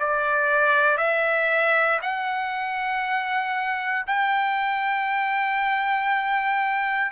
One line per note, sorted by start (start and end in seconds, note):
0.00 0.98 D5
0.98 2.00 E5
2.02 4.06 F#5
4.07 7.12 G5